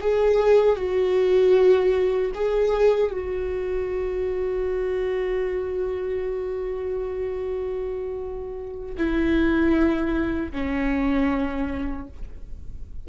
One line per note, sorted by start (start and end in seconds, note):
0.00 0.76 G#4
0.76 2.32 F#4
2.34 3.11 G#4
3.11 8.95 F#4
8.97 10.52 E4
10.52 12.08 C#4